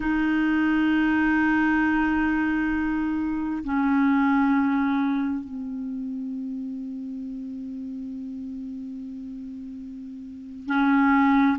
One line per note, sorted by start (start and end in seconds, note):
0.00 3.63 D#4
3.64 5.44 C#4
5.44 10.66 C4
10.66 11.57 C#4